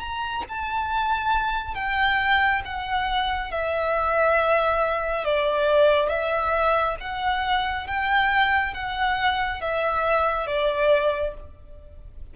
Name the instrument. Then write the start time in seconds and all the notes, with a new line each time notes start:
violin
0.00 A#5
0.49 A5
1.75 G5
2.65 F#5
3.51 E5
5.25 D5
6.09 E5
7.00 F#5
7.87 G5
8.74 F#5
9.61 E5
10.47 D5